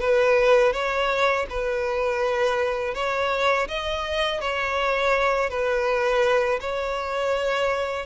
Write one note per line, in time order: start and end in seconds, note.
0.00 0.73 B4
0.73 1.46 C#5
1.50 2.94 B4
2.94 3.68 C#5
3.68 4.41 D#5
4.41 5.50 C#5
5.50 6.60 B4
6.60 8.06 C#5